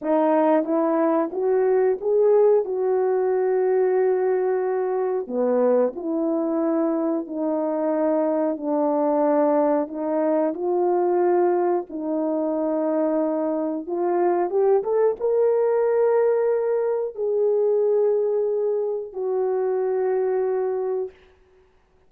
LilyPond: \new Staff \with { instrumentName = "horn" } { \time 4/4 \tempo 4 = 91 dis'4 e'4 fis'4 gis'4 | fis'1 | b4 e'2 dis'4~ | dis'4 d'2 dis'4 |
f'2 dis'2~ | dis'4 f'4 g'8 a'8 ais'4~ | ais'2 gis'2~ | gis'4 fis'2. | }